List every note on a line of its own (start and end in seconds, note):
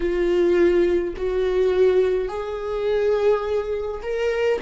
0.00 1.14 F4
1.16 2.28 F#4
2.28 4.01 G#4
4.02 4.59 A#4